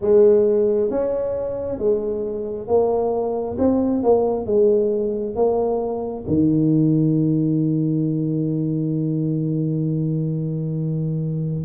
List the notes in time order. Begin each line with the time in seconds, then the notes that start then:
0.01 G#3
0.90 C#4
1.78 G#3
2.67 A#3
3.58 C4
4.03 A#3
4.46 G#3
5.35 A#3
6.27 D#3